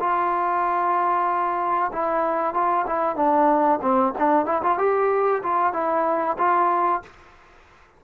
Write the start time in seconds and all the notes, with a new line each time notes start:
0.00 F4
1.93 E4
2.54 F4
2.87 E4
3.16 D4
3.82 C4
4.18 D4
4.46 E4
4.63 F4
4.78 G4
5.43 F4
5.73 E4
6.38 F4